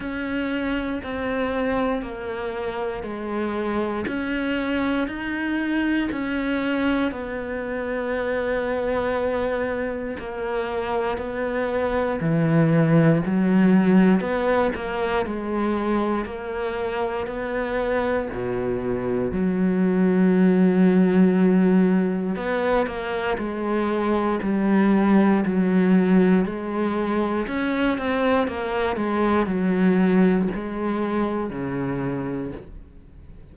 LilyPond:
\new Staff \with { instrumentName = "cello" } { \time 4/4 \tempo 4 = 59 cis'4 c'4 ais4 gis4 | cis'4 dis'4 cis'4 b4~ | b2 ais4 b4 | e4 fis4 b8 ais8 gis4 |
ais4 b4 b,4 fis4~ | fis2 b8 ais8 gis4 | g4 fis4 gis4 cis'8 c'8 | ais8 gis8 fis4 gis4 cis4 | }